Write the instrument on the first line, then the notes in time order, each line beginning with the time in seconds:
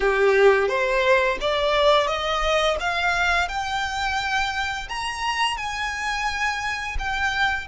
violin
0.00 G4
0.68 C5
1.40 D5
2.07 D#5
2.79 F5
3.48 G5
4.88 A#5
5.57 G#5
6.99 G5